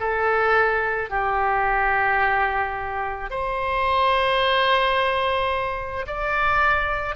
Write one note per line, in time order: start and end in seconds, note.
0.00 1.10 A4
1.10 3.30 G4
3.31 6.06 C5
6.07 7.16 D5